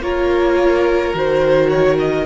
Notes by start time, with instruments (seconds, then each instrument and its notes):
0.00 cello A#3, viola F4, violin A#4 C#5
1.14 cello D#3, viola F#4, violin C5
1.69 violin C#5
1.99 violin D#5